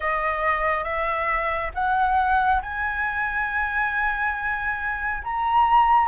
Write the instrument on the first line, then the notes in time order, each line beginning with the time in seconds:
flute
0.00 D#5
0.84 E5
1.74 F#5
2.62 G#5
5.23 A#5